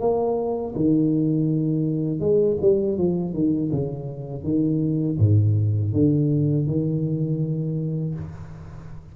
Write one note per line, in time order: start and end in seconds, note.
0.00 0.74 A#3
0.75 2.20 D#3
2.20 2.57 G#3
2.61 2.98 G3
2.98 3.34 F3
3.34 3.71 D#3
3.72 4.44 C#3
4.44 5.18 D#3
5.19 5.93 G#2
5.93 6.67 D3
6.67 8.15 D#3